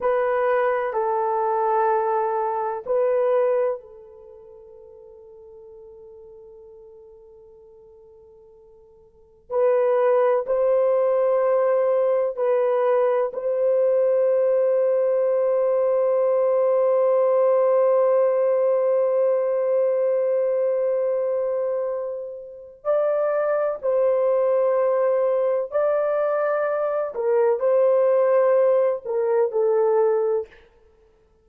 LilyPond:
\new Staff \with { instrumentName = "horn" } { \time 4/4 \tempo 4 = 63 b'4 a'2 b'4 | a'1~ | a'2 b'4 c''4~ | c''4 b'4 c''2~ |
c''1~ | c''1 | d''4 c''2 d''4~ | d''8 ais'8 c''4. ais'8 a'4 | }